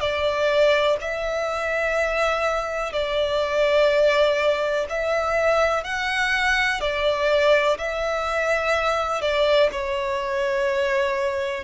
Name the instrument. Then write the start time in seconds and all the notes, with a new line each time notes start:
violin
0.00 D5
1.01 E5
2.93 D5
4.89 E5
5.84 F#5
6.80 D5
7.78 E5
9.22 D5
9.72 C#5